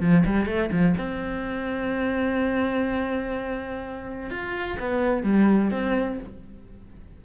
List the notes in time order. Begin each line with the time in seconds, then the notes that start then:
0.00 F3
0.26 G3
0.46 A3
0.71 F3
0.97 C4
4.30 F4
4.79 B3
5.23 G3
5.71 C4